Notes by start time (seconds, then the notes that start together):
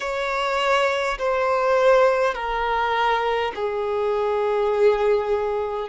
0.00 C#5
1.18 C5
2.34 A#4
3.55 G#4